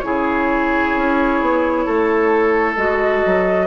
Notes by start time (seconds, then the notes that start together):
0.00 C#3 E4 G#4 C#5
0.96 C#4
1.41 B3
1.86 A3 A4
2.76 G#3 F#4 D#5
3.26 F#3